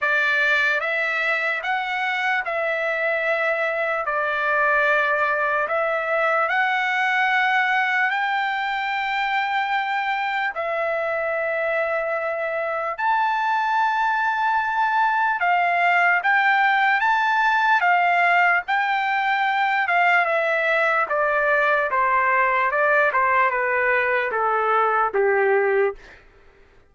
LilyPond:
\new Staff \with { instrumentName = "trumpet" } { \time 4/4 \tempo 4 = 74 d''4 e''4 fis''4 e''4~ | e''4 d''2 e''4 | fis''2 g''2~ | g''4 e''2. |
a''2. f''4 | g''4 a''4 f''4 g''4~ | g''8 f''8 e''4 d''4 c''4 | d''8 c''8 b'4 a'4 g'4 | }